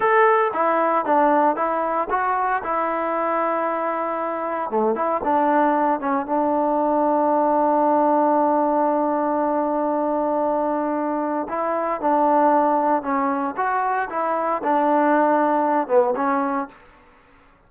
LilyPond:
\new Staff \with { instrumentName = "trombone" } { \time 4/4 \tempo 4 = 115 a'4 e'4 d'4 e'4 | fis'4 e'2.~ | e'4 a8 e'8 d'4. cis'8 | d'1~ |
d'1~ | d'2 e'4 d'4~ | d'4 cis'4 fis'4 e'4 | d'2~ d'8 b8 cis'4 | }